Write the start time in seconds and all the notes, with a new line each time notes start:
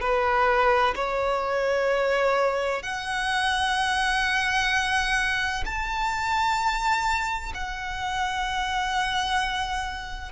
0.00 B4
0.95 C#5
2.82 F#5
5.65 A5
7.54 F#5